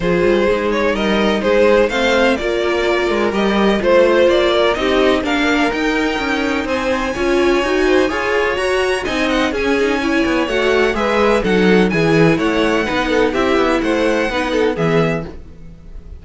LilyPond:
<<
  \new Staff \with { instrumentName = "violin" } { \time 4/4 \tempo 4 = 126 c''4. cis''8 dis''4 c''4 | f''4 d''2 dis''4 | c''4 d''4 dis''4 f''4 | g''2 gis''2~ |
gis''2 ais''4 gis''8 fis''8 | gis''2 fis''4 e''4 | fis''4 gis''4 fis''2 | e''4 fis''2 e''4 | }
  \new Staff \with { instrumentName = "violin" } { \time 4/4 gis'2 ais'4 gis'4 | c''4 ais'2. | c''4. ais'8 g'4 ais'4~ | ais'2 c''4 cis''4~ |
cis''8 c''8 cis''2 dis''4 | gis'4 cis''2 b'4 | a'4 gis'4 cis''4 b'8 a'8 | g'4 c''4 b'8 a'8 gis'4 | }
  \new Staff \with { instrumentName = "viola" } { \time 4/4 f'4 dis'2. | c'4 f'2 g'4 | f'2 dis'4 d'4 | dis'2. f'4 |
fis'4 gis'4 fis'4 dis'4 | cis'8 dis'8 e'4 fis'4 gis'4 | dis'4 e'2 dis'4 | e'2 dis'4 b4 | }
  \new Staff \with { instrumentName = "cello" } { \time 4/4 f8 g8 gis4 g4 gis4 | a4 ais4. gis8 g4 | a4 ais4 c'4 ais4 | dis'4 cis'4 c'4 cis'4 |
dis'4 f'4 fis'4 c'4 | cis'4. b8 a4 gis4 | fis4 e4 a4 b4 | c'8 b8 a4 b4 e4 | }
>>